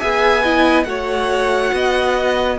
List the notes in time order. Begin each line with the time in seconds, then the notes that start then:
0.00 B3 G#4 E5 G#5
0.43 E4 D#5
0.84 A3 F#4 C#5 F#5
1.73 B3 D#5